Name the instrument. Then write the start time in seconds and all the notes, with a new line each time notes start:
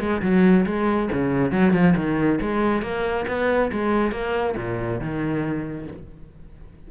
cello
0.00 G#3
0.22 F#3
0.66 G#3
1.12 C#3
1.52 F#3
1.73 F3
1.96 D#3
2.41 G#3
2.82 A#3
3.28 B3
3.72 G#3
4.12 A#3
4.57 A#2
5.00 D#3